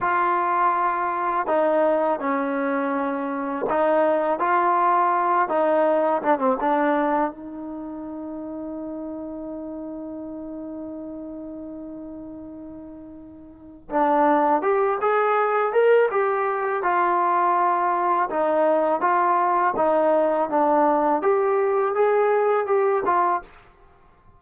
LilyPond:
\new Staff \with { instrumentName = "trombone" } { \time 4/4 \tempo 4 = 82 f'2 dis'4 cis'4~ | cis'4 dis'4 f'4. dis'8~ | dis'8 d'16 c'16 d'4 dis'2~ | dis'1~ |
dis'2. d'4 | g'8 gis'4 ais'8 g'4 f'4~ | f'4 dis'4 f'4 dis'4 | d'4 g'4 gis'4 g'8 f'8 | }